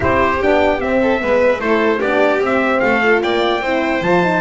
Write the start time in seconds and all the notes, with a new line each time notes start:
0.00 C4 E4 G4 C5
0.42 B3 D4 G5
0.79 C4 E5
1.01 A4
1.19 G#3 B3 B4
1.59 A3 E4 A4 C5
1.99 B3 D4 G4 D5
2.40 C4 E5
2.80 A3 A4 F5
3.02 F4
3.22 A#3 D5 G5
3.60 C4 E4 C5
4.01 F3 F4 A5
4.22 D#4